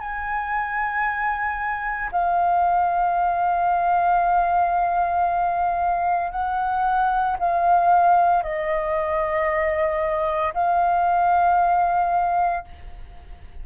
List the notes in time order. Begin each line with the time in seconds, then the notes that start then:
0.00 G#5
2.12 F5
6.32 F#5
7.39 F5
8.43 D#5
10.54 F5